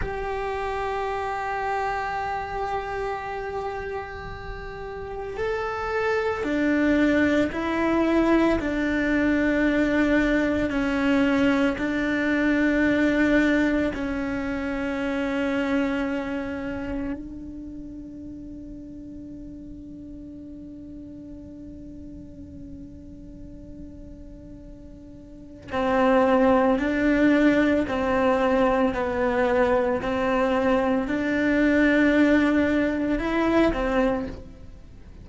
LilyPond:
\new Staff \with { instrumentName = "cello" } { \time 4/4 \tempo 4 = 56 g'1~ | g'4 a'4 d'4 e'4 | d'2 cis'4 d'4~ | d'4 cis'2. |
d'1~ | d'1 | c'4 d'4 c'4 b4 | c'4 d'2 e'8 c'8 | }